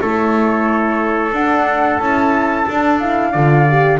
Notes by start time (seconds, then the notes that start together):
0.00 A3 E4 A4 C#5
1.32 D4 F#5
1.99 C#4 E4 A5
2.68 D4
2.99 E4 F5
3.32 D3 F4 D5
3.69 G4